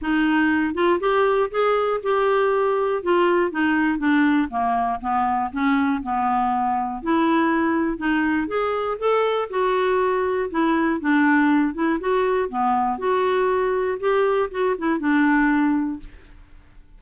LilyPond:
\new Staff \with { instrumentName = "clarinet" } { \time 4/4 \tempo 4 = 120 dis'4. f'8 g'4 gis'4 | g'2 f'4 dis'4 | d'4 ais4 b4 cis'4 | b2 e'2 |
dis'4 gis'4 a'4 fis'4~ | fis'4 e'4 d'4. e'8 | fis'4 b4 fis'2 | g'4 fis'8 e'8 d'2 | }